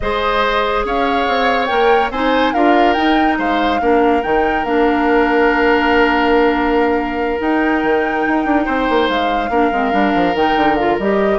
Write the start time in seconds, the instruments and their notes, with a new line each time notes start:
0.00 bassoon G#3, clarinet G#4, oboe C5, flute D#5
0.84 bassoon C#4, oboe C#5, flute F5
1.27 bassoon C4
1.66 bassoon A#3, clarinet A#4, flute G5
2.10 bassoon C4, clarinet D#4, oboe C5, flute G#5
2.53 bassoon D4, clarinet F4, oboe A#4, flute F5
2.93 clarinet D#4, bassoon D#4, flute G5
3.38 bassoon G#3, oboe C5, flute F5
3.80 bassoon A#3, clarinet D4, oboe A#4
4.22 bassoon D#3, clarinet D#4, flute G5
4.64 bassoon A#3, clarinet D4, flute F5
7.38 clarinet D#4, bassoon D#4, flute G5
7.83 bassoon D#3
8.27 bassoon D#4
8.45 bassoon D4
8.65 bassoon C4, oboe C5
8.89 bassoon A#3
9.09 bassoon G#3, flute F5
9.49 bassoon A#3, clarinet D4, oboe A#4
9.71 bassoon G#3, clarinet C4
9.91 bassoon G3, clarinet D4
10.14 bassoon F3
10.34 bassoon D#3, clarinet D#4, flute G5
10.55 bassoon D3
10.75 clarinet F4, flute F5
10.98 bassoon G3, clarinet G4, flute D#5